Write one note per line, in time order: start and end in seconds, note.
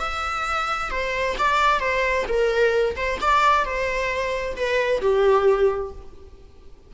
0.00 0.91 E5
0.91 1.36 C5
1.38 1.80 D5
1.80 2.25 C5
2.28 2.96 A#4
2.96 3.19 C5
3.21 3.65 D5
3.65 4.56 C5
4.56 5.01 B4
5.01 5.92 G4